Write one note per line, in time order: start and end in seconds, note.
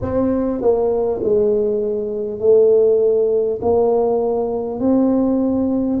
0.01 0.61 C4
0.61 1.21 A#3
1.23 2.39 G#3
2.39 3.59 A3
3.61 4.79 A#3
4.79 5.99 C4